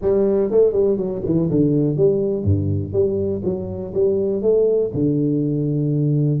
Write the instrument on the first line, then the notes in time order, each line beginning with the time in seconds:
tuba
0.01 G3
0.51 A3
0.72 G3
0.97 F#3
1.25 E3
1.50 D3
1.96 G3
2.43 G2
2.92 G3
3.44 F#3
3.93 G3
4.42 A3
4.93 D3